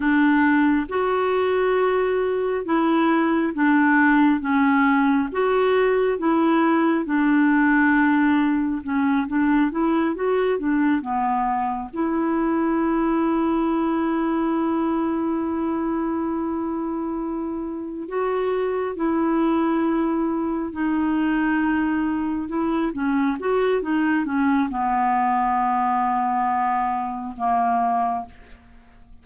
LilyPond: \new Staff \with { instrumentName = "clarinet" } { \time 4/4 \tempo 4 = 68 d'4 fis'2 e'4 | d'4 cis'4 fis'4 e'4 | d'2 cis'8 d'8 e'8 fis'8 | d'8 b4 e'2~ e'8~ |
e'1~ | e'8 fis'4 e'2 dis'8~ | dis'4. e'8 cis'8 fis'8 dis'8 cis'8 | b2. ais4 | }